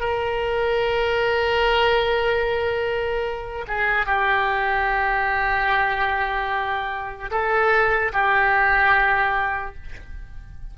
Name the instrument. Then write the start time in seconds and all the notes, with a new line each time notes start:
oboe
0.00 A#4
3.67 G#4
4.06 G4
7.31 A4
8.13 G4